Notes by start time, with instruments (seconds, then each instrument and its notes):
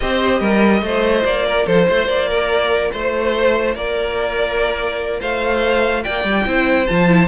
0.00 cello C4, viola G4, violin C5 D#5
0.39 cello G3, violin A#4
0.82 cello A3, viola F4, violin C5
1.24 cello A#3, violin D5
1.46 violin A#4
1.65 cello F3, violin A4 C5
1.88 cello A3, violin C5
2.07 cello A#3, violin D5
2.28 violin A#4
2.91 cello A3, violin C5
3.74 cello A#3, violin A#4 D5
5.20 cello A3, violin C5 F5
6.03 cello A#3, violin D5 G5
6.24 cello G3
6.45 cello C4, viola E4, violin C5
6.86 cello F3, viola F4, violin A5
7.07 viola E4